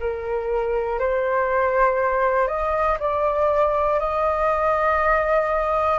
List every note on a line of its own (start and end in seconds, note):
0.00 1.00 A#4
1.00 2.48 C5
2.48 2.98 D#5
3.00 4.00 D5
4.00 5.99 D#5